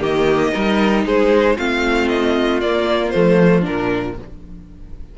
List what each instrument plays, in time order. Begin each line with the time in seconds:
0.00 cello D#3, viola A#3, violin G4 D#5
0.53 cello G3, viola D#4, violin A#4
1.06 cello G#3, violin G#4 C5
1.57 cello A3, viola C4, violin F4 F5
2.09 violin D#5
2.61 cello A#3, viola A#3, violin D5
3.10 cello F3, viola A3, violin C5
3.62 cello A#2, viola D4, violin A#4